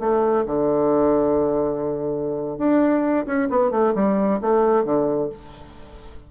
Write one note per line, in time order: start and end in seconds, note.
0.00 0.45 A3
0.46 2.58 D3
2.58 3.26 D4
3.26 3.49 C#4
3.50 3.71 B3
3.71 3.94 A3
3.95 4.40 G3
4.41 4.85 A3
4.85 5.30 D3